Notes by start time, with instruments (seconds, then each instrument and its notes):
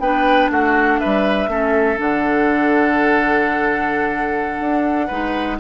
0.00 bassoon B3, clarinet D4, oboe B4, flute G5
0.51 bassoon A3, oboe F#4, flute F#5
1.00 bassoon G3, oboe B4, flute E5
1.48 bassoon A3, clarinet C#4, oboe A4
1.97 bassoon D3, clarinet D4, flute F#5
4.60 bassoon D4
5.08 bassoon G#3, clarinet D#4, oboe B4